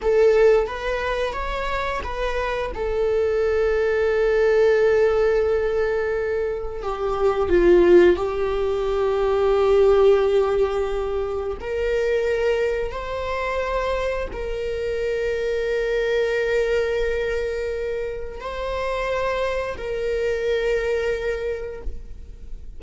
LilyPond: \new Staff \with { instrumentName = "viola" } { \time 4/4 \tempo 4 = 88 a'4 b'4 cis''4 b'4 | a'1~ | a'2 g'4 f'4 | g'1~ |
g'4 ais'2 c''4~ | c''4 ais'2.~ | ais'2. c''4~ | c''4 ais'2. | }